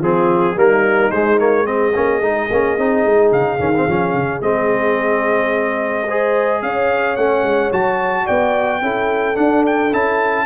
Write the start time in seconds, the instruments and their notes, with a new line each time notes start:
0.00 tuba F3, trombone C4, horn F4, trumpet G#4
0.56 tuba G3, trombone A#3, horn D#4, trumpet A#4
1.11 tuba G#3, trombone G#3, trumpet C5
1.38 trombone A#3, trumpet C#5
1.65 trombone C4, horn G#4, trumpet D#5
1.95 tuba A#3, trombone C#4
2.22 tuba G#3, trombone D#4
2.51 tuba A#3, trombone C#4
2.78 tuba C4, trombone D#4
3.06 tuba G#3
3.32 tuba C#3, trumpet F5
3.59 tuba D#3, trombone C#4
3.76 trombone C4
3.87 tuba F3, trombone C#4
4.14 tuba C#3
4.42 tuba G#3, trombone C4, trumpet D#5
6.07 trombone G#4, horn C5
6.62 tuba C#4, horn C#5, trumpet F5
7.16 tuba A3, trombone C#4, trumpet F#5
7.44 tuba G#3
7.72 tuba F#3, trombone F#4, trumpet A5
8.26 tuba B3, horn D5, trumpet G5
8.82 tuba C#4, trombone E4, horn A4
9.35 trombone D4, tuba D4, trumpet F#5
9.67 trumpet G5
9.93 tuba C#4, trombone E4, trumpet A5